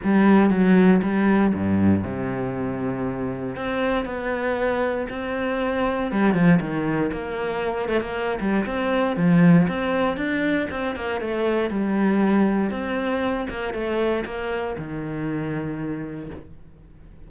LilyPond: \new Staff \with { instrumentName = "cello" } { \time 4/4 \tempo 4 = 118 g4 fis4 g4 g,4 | c2. c'4 | b2 c'2 | g8 f8 dis4 ais4. a16 ais16~ |
ais8 g8 c'4 f4 c'4 | d'4 c'8 ais8 a4 g4~ | g4 c'4. ais8 a4 | ais4 dis2. | }